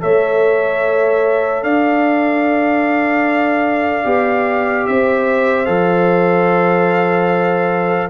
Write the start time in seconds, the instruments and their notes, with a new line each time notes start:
0.00 tuba A3, trombone A4, horn C#5, trumpet E5
1.63 tuba D4, horn D5, trumpet F5
4.04 tuba B3, trombone G4
4.87 tuba C4, horn C5, trumpet E5
5.66 tuba F3, trombone A4, trumpet F5